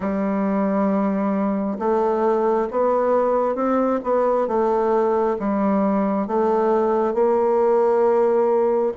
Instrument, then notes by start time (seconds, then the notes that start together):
bassoon
0.00 G3
1.79 A3
2.70 B3
3.55 C4
4.03 B3
4.47 A3
5.39 G3
6.27 A3
7.14 A#3